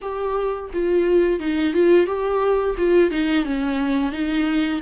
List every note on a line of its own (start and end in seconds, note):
0.01 0.70 G4
0.73 1.39 F4
1.39 1.73 D#4
1.73 2.06 F4
2.06 2.75 G4
2.77 3.10 F4
3.10 3.45 D#4
3.45 4.12 C#4
4.12 4.81 D#4